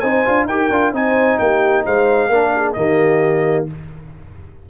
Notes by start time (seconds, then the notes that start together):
0.00 C4 D#4 C5 G#5
0.26 D4 F4
0.46 D#4 G4 A#4 G5
0.71 D4 F4
0.92 C4 D#4 C5 G#5
1.39 A#3 G4 G5
1.85 G#3 C5 F5
2.29 A#3 D4 A#4
2.55 G#4
2.73 D#3 A#3 G4 D#5